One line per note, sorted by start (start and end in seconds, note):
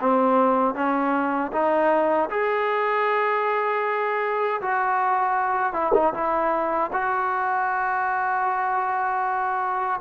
0.00 0.74 C4
0.74 1.51 C#4
1.52 2.29 D#4
2.30 4.61 G#4
4.61 5.73 F#4
5.73 5.92 E4
5.94 6.13 D#4
6.14 6.91 E4
6.93 10.00 F#4